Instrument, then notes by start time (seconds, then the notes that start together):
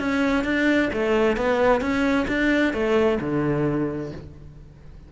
cello
0.00 C#4
0.45 D4
0.93 A3
1.37 B3
1.81 C#4
2.28 D4
2.74 A3
3.21 D3